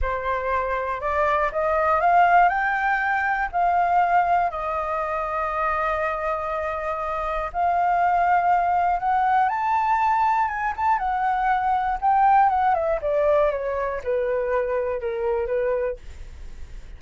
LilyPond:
\new Staff \with { instrumentName = "flute" } { \time 4/4 \tempo 4 = 120 c''2 d''4 dis''4 | f''4 g''2 f''4~ | f''4 dis''2.~ | dis''2. f''4~ |
f''2 fis''4 a''4~ | a''4 gis''8 a''8 fis''2 | g''4 fis''8 e''8 d''4 cis''4 | b'2 ais'4 b'4 | }